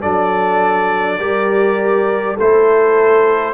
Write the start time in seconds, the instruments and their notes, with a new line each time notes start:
0.00 tuba F#3, trombone D4, horn A4, trumpet D5
1.19 tuba G3, trombone G4, horn A#4
2.36 tuba A3, trombone E4, horn A4, trumpet C5